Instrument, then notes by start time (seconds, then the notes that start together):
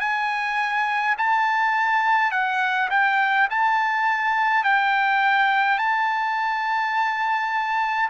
trumpet
0.00 G#5
1.18 A5
2.31 F#5
2.91 G5
3.50 A5
4.64 G5
5.78 A5